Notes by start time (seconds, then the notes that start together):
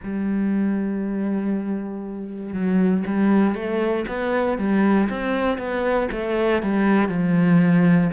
0.03 G3
2.53 F#3
3.06 G3
3.54 A3
4.07 B3
4.58 G3
5.09 C4
5.57 B3
6.11 A3
6.62 G3
7.09 F3